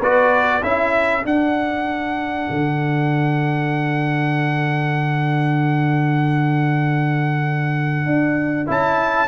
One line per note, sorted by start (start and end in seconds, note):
0.00 0.62 B3
0.00 0.63 F#4
0.00 0.62 B4
0.00 0.63 D5
0.62 1.25 C#4
0.62 1.21 E4
0.62 9.28 A4
0.62 1.25 E5
1.21 8.64 D4
1.21 2.48 D4
1.21 8.69 F#5
2.50 8.06 D3
8.06 8.68 D4
8.67 9.28 C#4
8.67 9.28 E4
8.67 9.28 A5